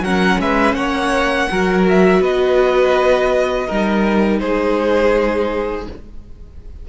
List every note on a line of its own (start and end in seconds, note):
0.00 0.37 F#3
0.00 1.49 C#4
0.00 0.40 A#4
0.00 0.41 F#5
0.39 0.74 G#3
0.39 0.76 B4
0.39 0.75 E5
0.74 1.47 A#3
0.74 1.49 C#5
0.74 1.85 F#5
1.49 2.21 F#3
1.49 3.69 F#4
1.49 2.21 A#4
1.89 2.23 E5
2.21 3.67 B3
2.21 3.67 B4
2.21 4.40 D#5
3.67 4.41 G3
3.67 5.89 D#4
3.67 4.40 A#4
4.40 5.87 G#3
4.40 5.88 G#4
4.40 5.86 C5